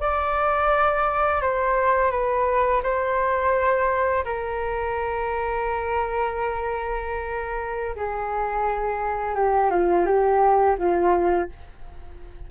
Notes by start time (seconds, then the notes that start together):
0.00 D5
1.41 C5
2.11 B4
2.83 C5
4.24 A#4
7.95 G#4
9.35 G4
9.70 F4
10.06 G4
10.78 F4